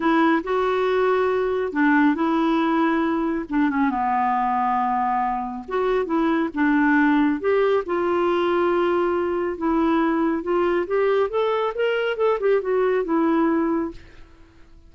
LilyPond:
\new Staff \with { instrumentName = "clarinet" } { \time 4/4 \tempo 4 = 138 e'4 fis'2. | d'4 e'2. | d'8 cis'8 b2.~ | b4 fis'4 e'4 d'4~ |
d'4 g'4 f'2~ | f'2 e'2 | f'4 g'4 a'4 ais'4 | a'8 g'8 fis'4 e'2 | }